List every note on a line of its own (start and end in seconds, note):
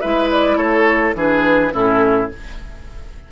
0.00 0.56 G#3
0.00 1.15 E4
0.00 0.57 B4
0.00 0.29 E5
0.31 0.57 D5
0.56 1.13 A3
0.56 1.14 A4
0.56 1.14 C#5
1.15 1.72 E3
1.15 1.71 D4
1.15 1.73 G#4
1.15 1.74 B4
1.71 2.31 A2
1.71 2.29 C#4
1.71 2.30 E4
1.71 2.31 A4